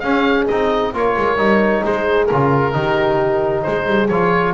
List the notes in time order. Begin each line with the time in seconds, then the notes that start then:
0.00 C#4 G#4 F5
0.48 C4 D#4 D#5
0.94 A#3 F4 A#4 C#5
1.17 G#3
1.37 G3 D#4
1.85 G#3 G#4 C5
2.26 C#3 A#4
2.33 F4
2.73 D#3 D#4 G4
3.63 G#3 G#4 C5
3.87 G3
4.09 F3 F4 C#5